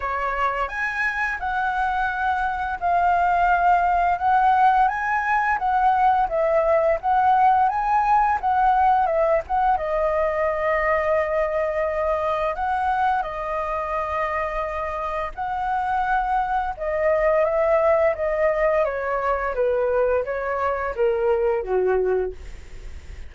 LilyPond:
\new Staff \with { instrumentName = "flute" } { \time 4/4 \tempo 4 = 86 cis''4 gis''4 fis''2 | f''2 fis''4 gis''4 | fis''4 e''4 fis''4 gis''4 | fis''4 e''8 fis''8 dis''2~ |
dis''2 fis''4 dis''4~ | dis''2 fis''2 | dis''4 e''4 dis''4 cis''4 | b'4 cis''4 ais'4 fis'4 | }